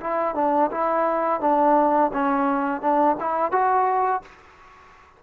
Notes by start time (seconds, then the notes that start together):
0.00 E4
0.35 D4
0.71 E4
1.40 D4
2.13 C#4
2.81 D4
3.20 E4
3.51 F#4